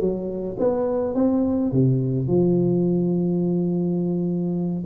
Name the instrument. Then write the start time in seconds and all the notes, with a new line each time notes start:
tuba
0.00 F#3
0.59 B3
1.15 C4
1.72 C3
2.28 F3